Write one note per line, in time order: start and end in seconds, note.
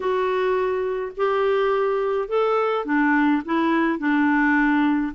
0.00 1.12 F#4
1.16 2.28 G4
2.28 2.85 A4
2.85 3.42 D4
3.45 3.98 E4
3.98 5.13 D4